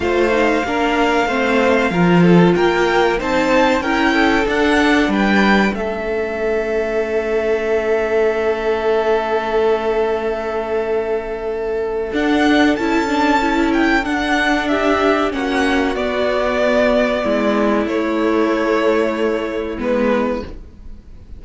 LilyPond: <<
  \new Staff \with { instrumentName = "violin" } { \time 4/4 \tempo 4 = 94 f''1 | g''4 a''4 g''4 fis''4 | g''4 e''2.~ | e''1~ |
e''2. fis''4 | a''4. g''8 fis''4 e''4 | fis''4 d''2. | cis''2. b'4 | }
  \new Staff \with { instrumentName = "violin" } { \time 4/4 c''4 ais'4 c''4 ais'8 a'8 | ais'4 c''4 ais'8 a'4. | b'4 a'2.~ | a'1~ |
a'1~ | a'2. g'4 | fis'2. e'4~ | e'1 | }
  \new Staff \with { instrumentName = "viola" } { \time 4/4 f'8 dis'8 d'4 c'4 f'4~ | f'4 dis'4 e'4 d'4~ | d'4 cis'2.~ | cis'1~ |
cis'2. d'4 | e'8 d'8 e'4 d'2 | cis'4 b2. | a2. b4 | }
  \new Staff \with { instrumentName = "cello" } { \time 4/4 a4 ais4 a4 f4 | ais4 c'4 cis'4 d'4 | g4 a2.~ | a1~ |
a2. d'4 | cis'2 d'2 | ais4 b2 gis4 | a2. gis4 | }
>>